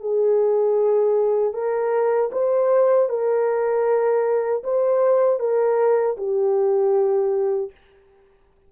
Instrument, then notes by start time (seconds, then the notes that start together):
horn
0.00 G#4
1.53 A#4
2.32 C5
3.09 A#4
4.64 C5
5.40 A#4
6.17 G4